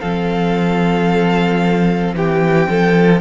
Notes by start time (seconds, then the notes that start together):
0.00 F3 C4 A4 F5
2.13 E3 G4 G5
2.69 F3 A4